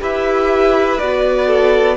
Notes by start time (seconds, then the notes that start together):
0.00 E4 G4 B4 E5
0.99 B3 F#4 D5
1.47 A4